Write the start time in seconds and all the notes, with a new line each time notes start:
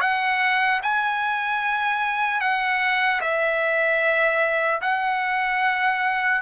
0.00 F#5
0.82 G#5
2.40 F#5
3.21 E5
4.81 F#5